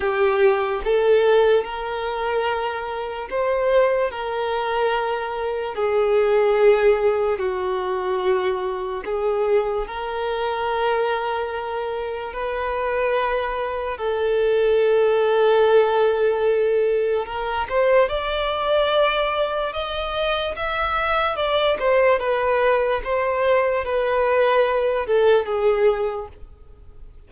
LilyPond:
\new Staff \with { instrumentName = "violin" } { \time 4/4 \tempo 4 = 73 g'4 a'4 ais'2 | c''4 ais'2 gis'4~ | gis'4 fis'2 gis'4 | ais'2. b'4~ |
b'4 a'2.~ | a'4 ais'8 c''8 d''2 | dis''4 e''4 d''8 c''8 b'4 | c''4 b'4. a'8 gis'4 | }